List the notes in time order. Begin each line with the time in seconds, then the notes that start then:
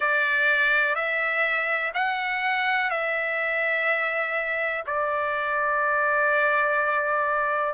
0.00 D5
0.95 E5
1.94 F#5
2.90 E5
4.86 D5